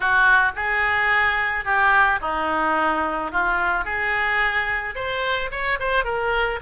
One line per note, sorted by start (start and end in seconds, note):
0.00 0.52 F#4
0.55 1.64 G#4
1.64 2.19 G4
2.21 3.31 D#4
3.31 3.84 F4
3.84 4.94 G#4
4.95 5.50 C5
5.51 5.78 C#5
5.79 6.04 C5
6.04 6.59 A#4